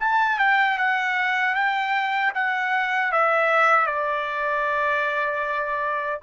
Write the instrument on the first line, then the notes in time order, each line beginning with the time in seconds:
trumpet
0.00 A5
0.39 G5
0.78 F#5
1.55 G5
2.34 F#5
3.12 E5
3.86 D5